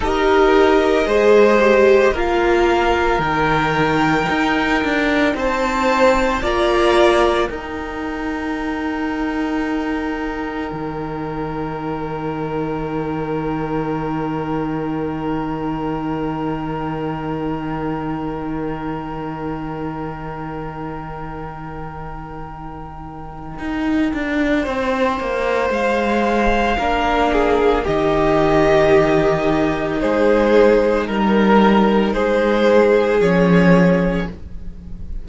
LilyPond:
<<
  \new Staff \with { instrumentName = "violin" } { \time 4/4 \tempo 4 = 56 dis''2 f''4 g''4~ | g''4 a''4 ais''4 g''4~ | g''1~ | g''1~ |
g''1~ | g''1 | f''2 dis''2 | c''4 ais'4 c''4 cis''4 | }
  \new Staff \with { instrumentName = "violin" } { \time 4/4 ais'4 c''4 ais'2~ | ais'4 c''4 d''4 ais'4~ | ais'1~ | ais'1~ |
ais'1~ | ais'2. c''4~ | c''4 ais'8 gis'8 g'2 | gis'4 ais'4 gis'2 | }
  \new Staff \with { instrumentName = "viola" } { \time 4/4 g'4 gis'8 g'8 f'4 dis'4~ | dis'2 f'4 dis'4~ | dis'1~ | dis'1~ |
dis'1~ | dis'1~ | dis'4 d'4 dis'2~ | dis'2. cis'4 | }
  \new Staff \with { instrumentName = "cello" } { \time 4/4 dis'4 gis4 ais4 dis4 | dis'8 d'8 c'4 ais4 dis'4~ | dis'2 dis2~ | dis1~ |
dis1~ | dis2 dis'8 d'8 c'8 ais8 | gis4 ais4 dis2 | gis4 g4 gis4 f4 | }
>>